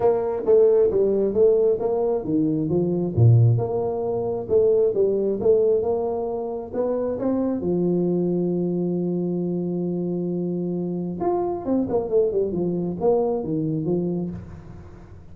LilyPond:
\new Staff \with { instrumentName = "tuba" } { \time 4/4 \tempo 4 = 134 ais4 a4 g4 a4 | ais4 dis4 f4 ais,4 | ais2 a4 g4 | a4 ais2 b4 |
c'4 f2.~ | f1~ | f4 f'4 c'8 ais8 a8 g8 | f4 ais4 dis4 f4 | }